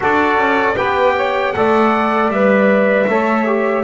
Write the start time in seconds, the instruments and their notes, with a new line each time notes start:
0.00 double bass D4, trombone F#4, saxophone A4, trumpet D5
0.36 double bass C#4
0.76 double bass B3, trombone G4, saxophone B4, trumpet G5
1.15 saxophone C#5
1.53 double bass A3, trombone A4, saxophone D5, trumpet F#5
2.28 double bass G3, trombone B4, trumpet E5
3.07 double bass A3, trombone A4, saxophone C#5
3.46 trombone G4